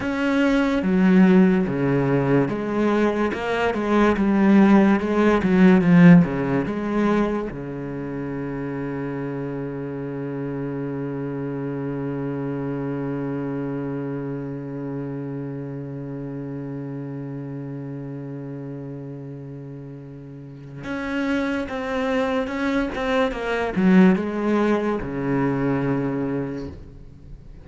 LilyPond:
\new Staff \with { instrumentName = "cello" } { \time 4/4 \tempo 4 = 72 cis'4 fis4 cis4 gis4 | ais8 gis8 g4 gis8 fis8 f8 cis8 | gis4 cis2.~ | cis1~ |
cis1~ | cis1~ | cis4 cis'4 c'4 cis'8 c'8 | ais8 fis8 gis4 cis2 | }